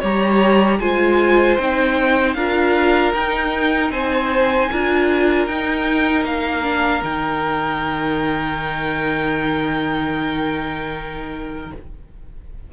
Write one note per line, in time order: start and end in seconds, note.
0.00 0.80 G3
0.00 0.81 G4
0.00 0.78 C#5
0.00 0.80 A#5
0.80 1.58 G#3
0.80 1.58 F4
0.80 2.36 C5
0.80 1.56 G#5
1.56 2.35 C4
1.56 2.36 D#4
1.56 2.34 G5
2.34 3.13 D4
2.34 3.15 F4
2.34 3.92 A#4
2.34 3.12 F5
3.13 3.90 D#4
3.13 4.72 D#4
3.13 3.91 G5
3.90 4.68 C4
3.90 4.70 C5
3.90 5.46 G#5
4.72 5.47 D4
4.72 5.49 F4
4.72 11.73 A#4
5.46 6.24 D#4
5.46 6.62 D#4
5.46 6.24 G5
6.24 7.02 A#3
6.24 7.03 F5
6.62 7.01 D4
7.03 11.71 D#3
7.03 11.71 D#4
7.03 11.71 G5